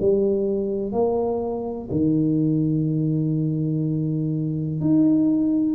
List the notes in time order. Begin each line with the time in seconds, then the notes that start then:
0.00 G3
0.92 A#3
1.91 D#3
4.81 D#4